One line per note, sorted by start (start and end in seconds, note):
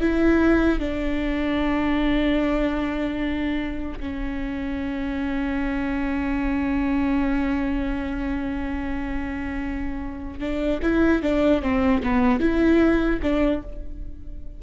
0.00 0.79 E4
0.79 3.99 D4
4.00 10.39 C#4
10.39 10.79 D4
10.82 11.22 E4
11.22 11.62 D4
11.62 12.02 C4
12.02 12.40 B3
12.40 13.20 E4
13.22 13.62 D4